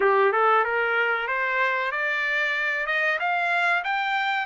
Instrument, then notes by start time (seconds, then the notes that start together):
trumpet
0.00 G4
0.32 A4
0.64 A#4
1.27 C5
1.91 D5
2.86 D#5
3.19 F5
3.84 G5